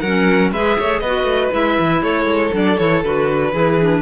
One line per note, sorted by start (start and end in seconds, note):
0.00 0.51 F#3
0.00 0.54 C#4
0.00 0.50 A#4
0.00 0.50 F#5
0.51 0.76 G#3
0.51 1.04 G#4
0.51 0.77 B4
0.51 0.99 E5
0.78 1.01 A3
0.78 1.00 C#5
0.99 1.23 B3
0.99 2.01 B4
0.99 1.50 D#5
1.05 1.51 F#4
1.23 1.48 A3
1.51 1.78 G#3
1.51 2.51 E4
1.51 2.03 E5
1.79 2.01 E3
2.01 2.25 A3
2.01 3.53 A4
2.01 2.53 C#5
2.25 2.50 G#3
2.51 2.78 F#3
2.51 2.77 D4
2.51 2.77 D5
2.77 3.03 E3
2.77 3.03 E4
2.77 3.02 C#5
3.03 3.53 D3
3.03 3.52 F#4
3.03 4.02 B4
3.52 4.02 E3
3.52 3.78 E4
3.52 4.02 G#4
3.81 4.02 D4